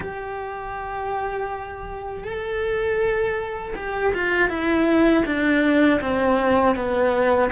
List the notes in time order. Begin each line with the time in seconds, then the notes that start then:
0.00 G4
2.24 A4
3.75 G4
4.14 F4
4.49 E4
5.25 D4
6.00 C4
6.75 B3